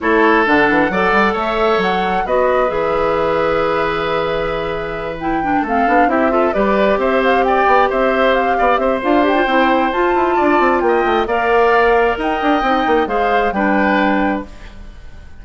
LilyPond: <<
  \new Staff \with { instrumentName = "flute" } { \time 4/4 \tempo 4 = 133 cis''4 fis''2 e''4 | fis''4 dis''4 e''2~ | e''2.~ e''8 g''8~ | g''8 f''4 e''4 d''4 e''8 |
f''8 g''4 e''4 f''4 e''8 | f''8 g''4. a''2 | g''4 f''2 g''4~ | g''4 f''4 g''2 | }
  \new Staff \with { instrumentName = "oboe" } { \time 4/4 a'2 d''4 cis''4~ | cis''4 b'2.~ | b'1~ | b'8 a'4 g'8 a'8 b'4 c''8~ |
c''8 d''4 c''4. d''8 c''8~ | c''2. d''4 | dis''4 d''2 dis''4~ | dis''4 c''4 b'2 | }
  \new Staff \with { instrumentName = "clarinet" } { \time 4/4 e'4 d'4 a'2~ | a'4 fis'4 gis'2~ | gis'2.~ gis'8 e'8 | d'8 c'8 d'8 e'8 f'8 g'4.~ |
g'1 | f'8 g'16 f'16 e'4 f'2~ | f'4 ais'2. | dis'4 gis'4 d'2 | }
  \new Staff \with { instrumentName = "bassoon" } { \time 4/4 a4 d8 e8 fis8 g8 a4 | fis4 b4 e2~ | e1~ | e8 a8 b8 c'4 g4 c'8~ |
c'4 b8 c'4. b8 c'8 | d'4 c'4 f'8 e'8 d'8 c'8 | ais8 a8 ais2 dis'8 d'8 | c'8 ais8 gis4 g2 | }
>>